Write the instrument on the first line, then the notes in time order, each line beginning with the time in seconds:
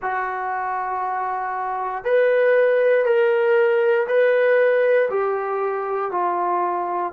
trombone
0.02 F#4
2.04 B4
3.05 A#4
4.07 B4
5.10 G4
6.11 F4